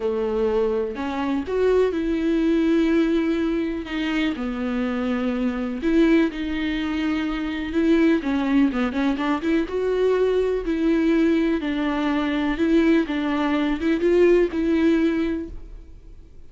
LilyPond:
\new Staff \with { instrumentName = "viola" } { \time 4/4 \tempo 4 = 124 a2 cis'4 fis'4 | e'1 | dis'4 b2. | e'4 dis'2. |
e'4 cis'4 b8 cis'8 d'8 e'8 | fis'2 e'2 | d'2 e'4 d'4~ | d'8 e'8 f'4 e'2 | }